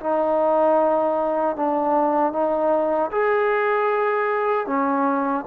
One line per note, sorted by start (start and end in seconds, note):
0.00 1.56 D#4
1.56 2.32 D4
2.32 3.10 D#4
3.11 4.67 G#4
4.67 5.45 C#4